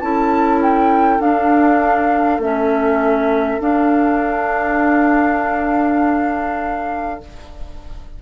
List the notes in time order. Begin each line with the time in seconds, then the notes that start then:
0.00 C#4 E4 A4 A5
0.62 G5
1.20 D4 F5
2.39 A3 C#4 E5
3.60 D4 F5